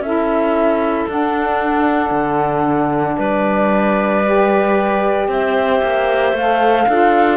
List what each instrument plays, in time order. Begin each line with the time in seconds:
0.00 cello C#4, saxophone E4, clarinet A4, flute E5
1.09 cello D4, saxophone D4, flute F#5
2.11 cello D3
3.19 cello G3, clarinet B4, flute D5
4.25 saxophone G4
5.29 cello C4, clarinet C5, flute E5
5.83 cello A#3
6.33 cello A3, saxophone A4, flute F5
6.88 cello D4, saxophone F4, clarinet A4